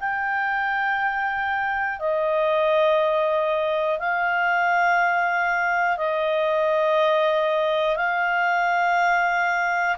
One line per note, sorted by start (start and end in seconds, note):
0.00 2.00 G5
2.00 3.99 D#5
3.99 5.97 F5
5.97 7.96 D#5
7.96 9.96 F5